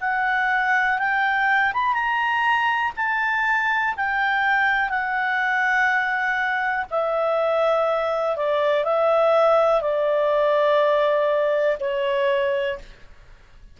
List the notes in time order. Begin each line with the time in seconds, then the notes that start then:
0.00 F#5
0.98 G5
1.73 B5
1.93 A#5
2.96 A5
3.97 G5
4.89 F#5
6.90 E5
8.36 D5
8.84 E5
9.81 D5
11.80 C#5